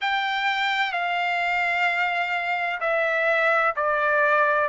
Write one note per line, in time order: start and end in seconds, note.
0.01 0.92 G5
0.92 2.80 F5
2.80 3.74 E5
3.76 4.69 D5